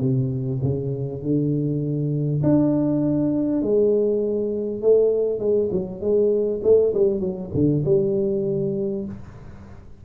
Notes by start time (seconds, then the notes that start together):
0.00 C3
0.62 C#3
1.22 D3
2.43 D4
3.62 G#3
4.82 A3
5.39 G#3
5.71 F#3
6.01 G#3
6.63 A3
6.94 G3
7.20 F#3
7.54 D3
7.85 G3